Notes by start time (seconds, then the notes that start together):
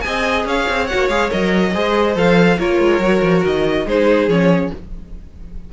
0.00 C4 G#4 D#5 G#5
0.45 C#4 C#5 F5
0.69 C4
0.86 F#4 F#5
0.94 A#3
1.08 G#3 G#4 F5
1.30 F#3 A#4 D#5
1.73 G#3 G#4 C5
2.15 F3 A4 F5
2.58 A#3 F4 A#4 C#5
2.79 G#3
2.99 F#3 F#4
3.22 F3
3.45 D#3 D#5
3.85 G#3 D#4 G#4 C5
4.27 F3 C#4 C#5